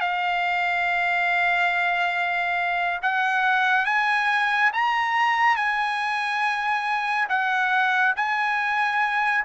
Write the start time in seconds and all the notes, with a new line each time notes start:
0.00 F5
3.02 F#5
3.85 G#5
4.73 A#5
5.56 G#5
7.29 F#5
8.16 G#5